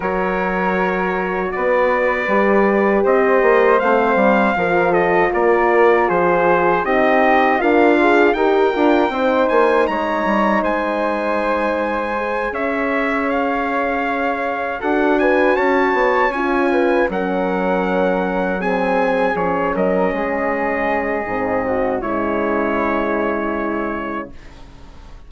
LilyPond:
<<
  \new Staff \with { instrumentName = "trumpet" } { \time 4/4 \tempo 4 = 79 cis''2 d''2 | dis''4 f''4. dis''8 d''4 | c''4 dis''4 f''4 g''4~ | g''8 gis''8 ais''4 gis''2~ |
gis''8 e''4 f''2 fis''8 | gis''8 a''4 gis''4 fis''4.~ | fis''8 gis''4 cis''8 dis''2~ | dis''4 cis''2. | }
  \new Staff \with { instrumentName = "flute" } { \time 4/4 ais'2 b'2 | c''2 ais'8 a'8 ais'4 | gis'4 g'4 f'4 ais'4 | c''4 cis''4 c''2~ |
c''8 cis''2. a'8 | b'8 cis''4. b'8 ais'4.~ | ais'8 gis'4. ais'8 gis'4.~ | gis'8 fis'8 e'2. | }
  \new Staff \with { instrumentName = "horn" } { \time 4/4 fis'2. g'4~ | g'4 c'4 f'2~ | f'4 dis'4 ais'8 gis'8 g'8 f'8 | dis'1 |
gis'2.~ gis'8 fis'8~ | fis'4. f'4 cis'4.~ | cis'8 c'4 cis'2~ cis'8 | c'4 gis2. | }
  \new Staff \with { instrumentName = "bassoon" } { \time 4/4 fis2 b4 g4 | c'8 ais8 a8 g8 f4 ais4 | f4 c'4 d'4 dis'8 d'8 | c'8 ais8 gis8 g8 gis2~ |
gis8 cis'2. d'8~ | d'8 cis'8 b8 cis'4 fis4.~ | fis4. f8 fis8 gis4. | gis,4 cis2. | }
>>